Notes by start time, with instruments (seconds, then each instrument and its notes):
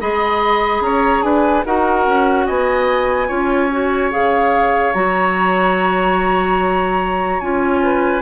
0.00 bassoon G#3, clarinet G#4, oboe D#5, flute B5
0.80 bassoon C#4, oboe C#5, flute A#5
1.23 bassoon D4, oboe B4, flute G#5
1.66 bassoon D#4, clarinet F#4, oboe A#4, flute F#5
2.07 bassoon C#4
2.46 bassoon B3, oboe D#5, flute G#5
3.28 bassoon C#4, clarinet F4, oboe C#5
3.72 clarinet F#4
4.11 bassoon C#3, clarinet G#4, flute F5
4.93 bassoon F#3, clarinet F#4, flute A#5
7.40 bassoon C#4, clarinet F4, flute G#5
7.83 oboe B4